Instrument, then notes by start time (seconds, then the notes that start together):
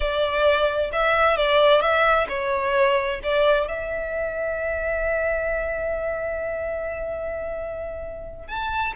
violin
0.00 D5
0.92 E5
1.37 D5
1.81 E5
2.28 C#5
3.23 D5
3.68 E5
8.47 A5